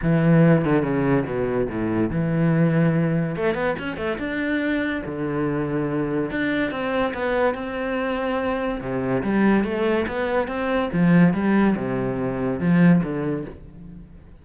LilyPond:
\new Staff \with { instrumentName = "cello" } { \time 4/4 \tempo 4 = 143 e4. d8 cis4 b,4 | a,4 e2. | a8 b8 cis'8 a8 d'2 | d2. d'4 |
c'4 b4 c'2~ | c'4 c4 g4 a4 | b4 c'4 f4 g4 | c2 f4 d4 | }